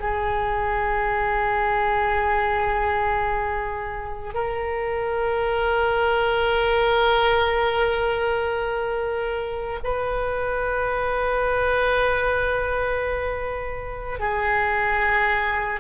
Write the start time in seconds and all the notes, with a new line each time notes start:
0.00 G#4
4.34 A#4
9.83 B4
14.20 G#4